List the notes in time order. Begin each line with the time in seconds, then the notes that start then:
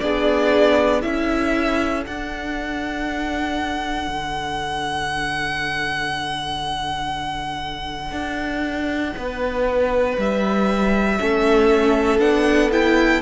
0.00 B3 D4 G#4 D5
1.02 C#4 E4 A4 E5
2.03 D4 F#5
4.08 D3
8.11 D4
9.17 B3 B4
10.18 G3 E5
11.19 A3 C#4 A4
12.19 B3 D4 F#5
12.71 E4 G5